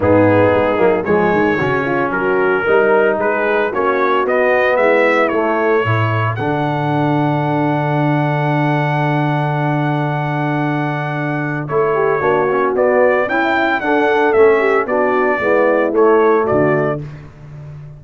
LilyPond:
<<
  \new Staff \with { instrumentName = "trumpet" } { \time 4/4 \tempo 4 = 113 gis'2 cis''2 | ais'2 b'4 cis''4 | dis''4 e''4 cis''2 | fis''1~ |
fis''1~ | fis''2 cis''2 | d''4 g''4 fis''4 e''4 | d''2 cis''4 d''4 | }
  \new Staff \with { instrumentName = "horn" } { \time 4/4 dis'2 gis'4 fis'8 f'8 | fis'4 ais'4 gis'4 fis'4~ | fis'4 e'2 a'4~ | a'1~ |
a'1~ | a'2~ a'8 g'8 fis'4~ | fis'4 e'4 a'4. g'8 | fis'4 e'2 fis'4 | }
  \new Staff \with { instrumentName = "trombone" } { \time 4/4 b4. ais8 gis4 cis'4~ | cis'4 dis'2 cis'4 | b2 a4 e'4 | d'1~ |
d'1~ | d'2 e'4 d'8 cis'8 | b4 e'4 d'4 cis'4 | d'4 b4 a2 | }
  \new Staff \with { instrumentName = "tuba" } { \time 4/4 gis,4 gis8 fis8 f8 dis8 cis4 | fis4 g4 gis4 ais4 | b4 gis4 a4 a,4 | d1~ |
d1~ | d2 a4 ais4 | b4 cis'4 d'4 a4 | b4 gis4 a4 d4 | }
>>